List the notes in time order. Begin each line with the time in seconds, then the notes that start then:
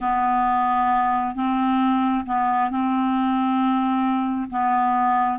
0.00 B3
1.35 C4
2.26 B3
2.70 C4
4.50 B3